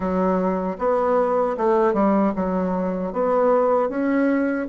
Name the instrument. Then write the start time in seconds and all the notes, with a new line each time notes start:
bassoon
0.00 F#3
0.78 B3
1.57 A3
1.93 G3
2.36 F#3
3.12 B3
3.89 C#4